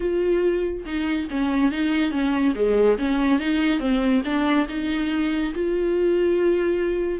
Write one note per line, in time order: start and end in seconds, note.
0.00 0.84 F4
0.85 1.28 D#4
1.30 1.71 C#4
1.71 2.11 D#4
2.11 2.54 C#4
2.55 2.97 G#3
2.98 3.39 C#4
3.39 3.79 D#4
3.79 4.22 C4
4.24 4.67 D4
4.68 5.53 D#4
5.54 7.19 F4